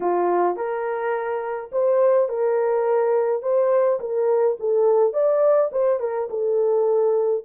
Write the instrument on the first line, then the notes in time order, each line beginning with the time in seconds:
horn
0.00 F4
0.56 A#4
1.72 C5
2.29 A#4
3.42 C5
4.00 A#4
4.59 A4
5.13 D5
5.72 C5
5.99 A#4
6.30 A4